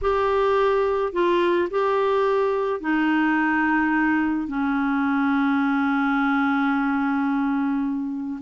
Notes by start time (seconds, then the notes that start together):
0.01 G4
1.12 F4
1.70 G4
2.80 D#4
4.47 C#4